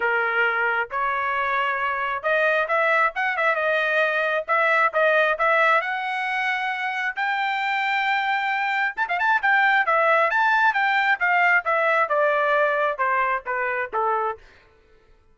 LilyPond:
\new Staff \with { instrumentName = "trumpet" } { \time 4/4 \tempo 4 = 134 ais'2 cis''2~ | cis''4 dis''4 e''4 fis''8 e''8 | dis''2 e''4 dis''4 | e''4 fis''2. |
g''1 | a''16 f''16 a''8 g''4 e''4 a''4 | g''4 f''4 e''4 d''4~ | d''4 c''4 b'4 a'4 | }